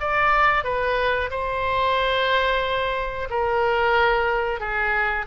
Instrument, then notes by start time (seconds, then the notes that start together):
oboe
0.00 D5
0.64 B4
1.31 C5
3.30 A#4
4.60 G#4